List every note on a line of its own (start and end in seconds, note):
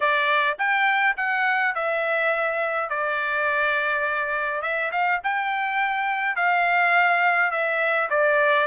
0.00 0.57 D5
0.58 1.16 G5
1.17 1.74 F#5
1.74 2.89 E5
2.89 4.62 D5
4.62 4.91 E5
4.91 5.20 F5
5.23 6.36 G5
6.36 7.51 F5
7.51 8.08 E5
8.10 8.67 D5